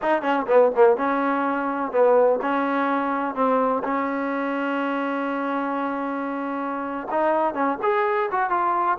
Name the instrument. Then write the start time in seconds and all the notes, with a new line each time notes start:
trombone
0.02 D#4
0.22 C#4
0.47 B3
0.75 A#3
0.96 C#4
1.91 B3
2.42 C#4
3.35 C4
3.83 C#4
7.10 D#4
7.53 C#4
7.82 G#4
8.31 F#4
8.50 F4